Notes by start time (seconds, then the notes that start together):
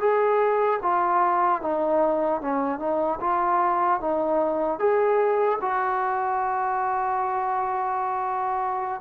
0.00 G#4
0.83 F4
1.61 D#4
2.41 C#4
2.79 D#4
3.20 F4
4.00 D#4
4.79 G#4
5.61 F#4